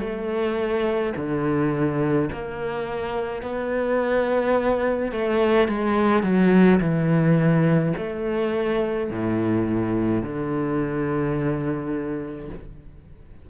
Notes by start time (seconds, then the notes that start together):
0.00 A3
1.16 D3
2.33 A#3
3.43 B3
5.12 A3
5.69 G#3
6.23 F#3
6.80 E3
7.98 A3
9.11 A2
10.23 D3